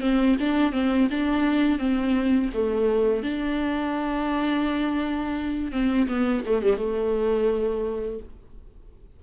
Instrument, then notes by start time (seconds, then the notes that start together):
viola
0.00 C4
0.39 D4
0.72 C4
1.10 D4
1.78 C4
2.54 A3
3.23 D4
5.71 C4
6.07 B3
6.45 A3
6.62 G3
6.76 A3